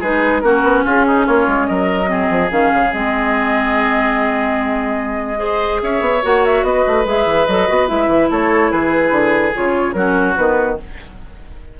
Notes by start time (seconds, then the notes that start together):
0.00 G#3 D#4 G#4 B4
0.40 A#3 C#4 F#4 A#4
0.63 B3
0.85 C#4 F4 G#4
1.07 D#4
1.25 A#3 F4 C#5
1.47 G#3
1.67 F#3 A#4 D#5
2.06 C4 G#4
2.30 F3
2.51 D#3 C#4 F5
2.74 C#3
2.93 G#3 C4 D#5
5.37 G#4 C5
5.82 C#4 C#5 E5
6.01 B3
6.22 A#3 F#4 F#5
6.45 E5
6.63 B3 B4 D#5
6.87 A3
7.05 G#3 G#4 E5
7.25 E3
7.46 F#3 A4 D#5
7.68 B3 F#4
7.87 G#3 E4 E5
8.07 E3
8.30 A3 A4 C#5
8.71 E3 G#4 B4
9.11 D3
9.54 C#3 F4 C#5
9.93 F#3 C#4 F#4 A#4
10.36 D#3 B3 B4